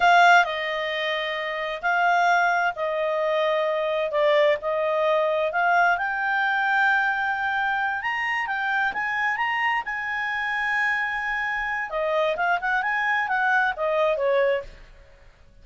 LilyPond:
\new Staff \with { instrumentName = "clarinet" } { \time 4/4 \tempo 4 = 131 f''4 dis''2. | f''2 dis''2~ | dis''4 d''4 dis''2 | f''4 g''2.~ |
g''4. ais''4 g''4 gis''8~ | gis''8 ais''4 gis''2~ gis''8~ | gis''2 dis''4 f''8 fis''8 | gis''4 fis''4 dis''4 cis''4 | }